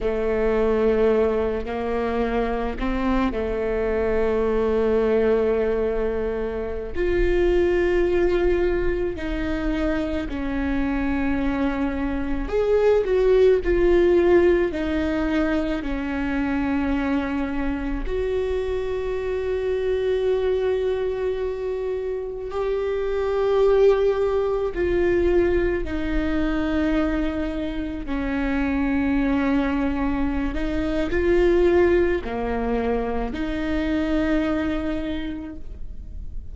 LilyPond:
\new Staff \with { instrumentName = "viola" } { \time 4/4 \tempo 4 = 54 a4. ais4 c'8 a4~ | a2~ a16 f'4.~ f'16~ | f'16 dis'4 cis'2 gis'8 fis'16~ | fis'16 f'4 dis'4 cis'4.~ cis'16~ |
cis'16 fis'2.~ fis'8.~ | fis'16 g'2 f'4 dis'8.~ | dis'4~ dis'16 cis'2~ cis'16 dis'8 | f'4 ais4 dis'2 | }